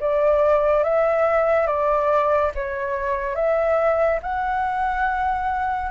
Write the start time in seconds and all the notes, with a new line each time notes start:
0.00 D5
0.84 E5
1.67 D5
2.55 C#5
3.35 E5
4.23 F#5